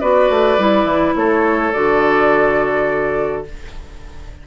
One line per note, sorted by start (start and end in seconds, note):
0.00 0.30 B3
0.00 0.58 F#4
0.00 1.15 B4
0.00 1.14 D5
0.30 0.58 A3
0.58 0.84 G3
0.58 1.73 E4
0.84 1.13 E3
1.15 1.73 A3
1.15 3.47 A4
1.15 1.72 C#5
1.72 3.46 D3
1.72 3.45 F#4
1.72 3.44 D5